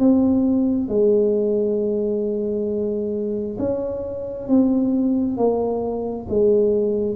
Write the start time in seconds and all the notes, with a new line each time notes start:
0.00 C4
0.89 G#3
3.59 C#4
4.49 C4
5.38 A#3
6.30 G#3